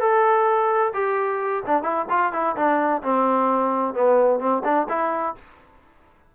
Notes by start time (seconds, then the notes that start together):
0.00 A4
0.93 G4
1.66 D4
1.83 E4
2.09 F4
2.32 E4
2.56 D4
3.03 C4
3.94 B3
4.40 C4
4.64 D4
4.89 E4